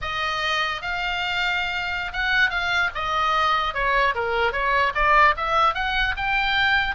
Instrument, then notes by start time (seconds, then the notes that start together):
oboe
0.01 D#5
0.81 F5
2.12 F#5
2.49 F5
2.94 D#5
3.74 C#5
4.14 A#4
4.52 C#5
4.94 D5
5.36 E5
5.74 F#5
6.16 G5